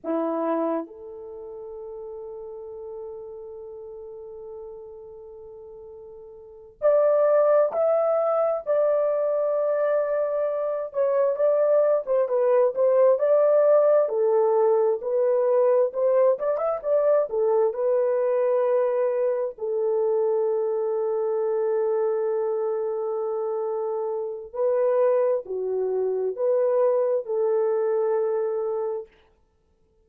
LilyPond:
\new Staff \with { instrumentName = "horn" } { \time 4/4 \tempo 4 = 66 e'4 a'2.~ | a'2.~ a'8 d''8~ | d''8 e''4 d''2~ d''8 | cis''8 d''8. c''16 b'8 c''8 d''4 a'8~ |
a'8 b'4 c''8 d''16 e''16 d''8 a'8 b'8~ | b'4. a'2~ a'8~ | a'2. b'4 | fis'4 b'4 a'2 | }